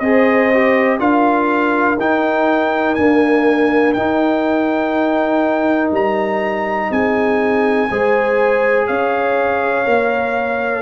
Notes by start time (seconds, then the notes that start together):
0.00 C4 G#4 C5 D#5
0.54 G4
0.99 D4 F4 A#4 F5
1.99 D#4 G5
2.95 A#3 D4 G#5
3.94 D#4 G5
5.92 G3 A#5
6.91 C4 G#4 G#5
7.91 G#3 G#4 C5
8.87 C#4 C#5 F5
9.85 A#3 A#4